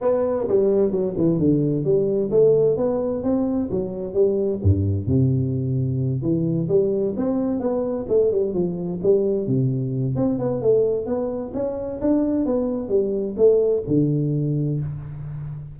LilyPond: \new Staff \with { instrumentName = "tuba" } { \time 4/4 \tempo 4 = 130 b4 g4 fis8 e8 d4 | g4 a4 b4 c'4 | fis4 g4 g,4 c4~ | c4. e4 g4 c'8~ |
c'8 b4 a8 g8 f4 g8~ | g8 c4. c'8 b8 a4 | b4 cis'4 d'4 b4 | g4 a4 d2 | }